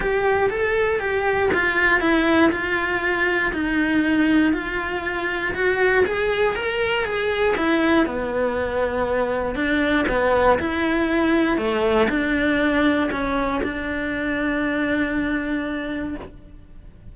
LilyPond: \new Staff \with { instrumentName = "cello" } { \time 4/4 \tempo 4 = 119 g'4 a'4 g'4 f'4 | e'4 f'2 dis'4~ | dis'4 f'2 fis'4 | gis'4 ais'4 gis'4 e'4 |
b2. d'4 | b4 e'2 a4 | d'2 cis'4 d'4~ | d'1 | }